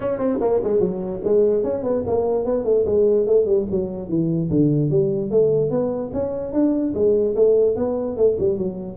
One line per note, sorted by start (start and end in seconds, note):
0.00 0.18 C#4
0.18 0.38 C4
0.40 0.60 A#3
0.63 0.80 G#3
0.80 1.21 F#3
1.24 1.63 G#3
1.63 1.83 C#4
1.83 2.03 B3
2.06 2.45 A#3
2.45 2.64 B3
2.64 2.85 A3
2.85 3.26 G#3
3.26 3.45 A3
3.45 3.65 G3
3.71 4.08 F#3
4.08 4.49 E3
4.50 4.90 D3
4.90 5.31 G3
5.31 5.70 A3
5.70 6.11 B3
6.13 6.53 C#4
6.53 6.93 D4
6.94 7.35 G#3
7.35 7.76 A3
7.76 8.16 B3
8.16 8.37 A3
8.39 8.58 G3
8.58 8.97 F#3